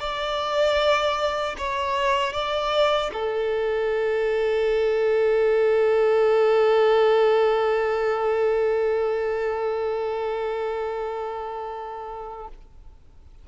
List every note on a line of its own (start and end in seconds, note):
0.00 1.56 D5
1.58 2.33 C#5
2.33 3.11 D5
3.13 12.49 A4